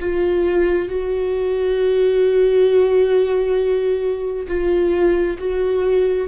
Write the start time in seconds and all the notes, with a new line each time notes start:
0.00 F4
0.89 F#4
4.48 F4
5.39 F#4